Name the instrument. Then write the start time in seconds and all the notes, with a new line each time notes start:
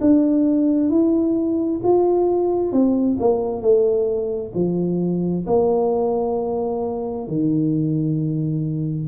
tuba
0.00 D4
0.89 E4
1.83 F4
2.72 C4
3.19 A#3
3.61 A3
4.54 F3
5.46 A#3
7.27 D#3